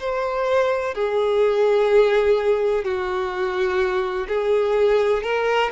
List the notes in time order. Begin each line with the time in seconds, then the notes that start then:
0.00 C5
0.94 G#4
2.84 F#4
4.28 G#4
5.23 A#4